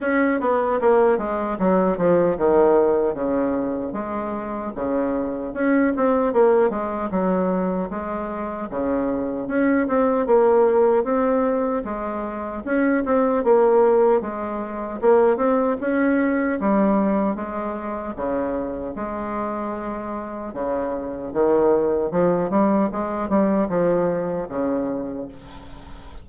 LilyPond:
\new Staff \with { instrumentName = "bassoon" } { \time 4/4 \tempo 4 = 76 cis'8 b8 ais8 gis8 fis8 f8 dis4 | cis4 gis4 cis4 cis'8 c'8 | ais8 gis8 fis4 gis4 cis4 | cis'8 c'8 ais4 c'4 gis4 |
cis'8 c'8 ais4 gis4 ais8 c'8 | cis'4 g4 gis4 cis4 | gis2 cis4 dis4 | f8 g8 gis8 g8 f4 cis4 | }